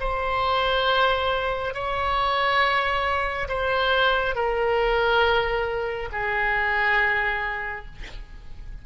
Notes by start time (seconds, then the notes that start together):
0.00 C5
1.74 C#5
3.48 C5
4.35 A#4
6.12 G#4